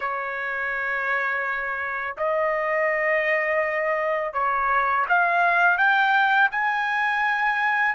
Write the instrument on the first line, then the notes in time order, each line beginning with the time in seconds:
trumpet
0.00 C#5
2.17 D#5
4.33 C#5
5.08 F5
5.77 G5
6.51 G#5